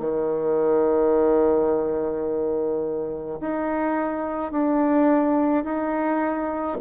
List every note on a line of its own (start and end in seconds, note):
0.00 3.40 D#3
3.41 4.52 D#4
4.52 5.64 D4
5.64 6.78 D#4